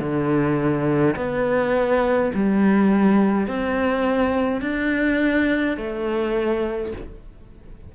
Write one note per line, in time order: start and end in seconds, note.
0.00 1.15 D3
1.16 2.32 B3
2.34 3.48 G3
3.48 4.62 C4
4.62 5.77 D4
5.77 6.93 A3